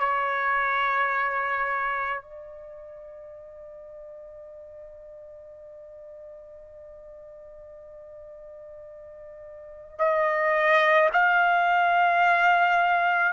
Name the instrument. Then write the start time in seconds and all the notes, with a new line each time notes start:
trumpet
0.00 C#5
2.22 D5
9.98 D#5
11.13 F5